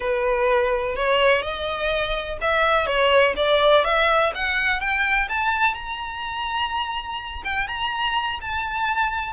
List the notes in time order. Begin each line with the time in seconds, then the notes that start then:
0.00 B4
0.95 C#5
1.42 D#5
2.41 E5
2.86 C#5
3.36 D5
3.84 E5
4.35 F#5
4.80 G5
5.28 A5
5.74 A#5
7.44 G5
7.67 A#5
8.41 A5